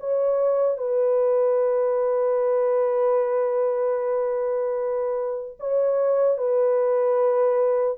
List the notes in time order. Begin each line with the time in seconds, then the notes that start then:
0.00 C#5
0.77 B4
5.60 C#5
6.38 B4